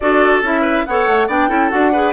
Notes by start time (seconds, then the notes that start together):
0.00 D4 F#4 A4 D5
0.41 C#4 E4 E5
0.61 B4
0.85 B3 A4 C#5 F#5
1.07 A3
1.27 B3 D4 D5 G5
1.48 C#4 E4 A4
1.70 D4 F#4 F#5
1.92 G#4 B4